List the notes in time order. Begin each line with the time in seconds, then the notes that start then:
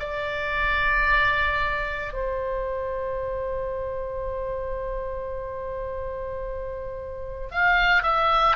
0.00 D5
2.14 C5
7.51 F5
8.04 E5